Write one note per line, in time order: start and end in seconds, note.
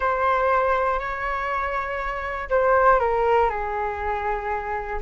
0.00 0.99 C5
0.99 2.49 C#5
2.49 2.99 C5
2.99 3.49 A#4
3.49 4.99 G#4